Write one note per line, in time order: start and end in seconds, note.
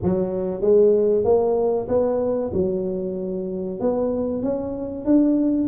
0.03 0.61 F#3
0.61 1.24 G#3
1.24 1.87 A#3
1.88 2.51 B3
2.53 3.80 F#3
3.80 4.42 B3
4.42 5.05 C#4
5.05 5.68 D4